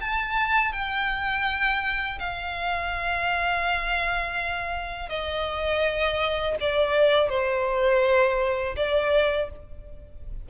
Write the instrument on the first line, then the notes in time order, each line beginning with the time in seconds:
violin
0.00 A5
0.72 G5
2.19 F5
5.09 D#5
6.60 D5
7.29 C5
8.76 D5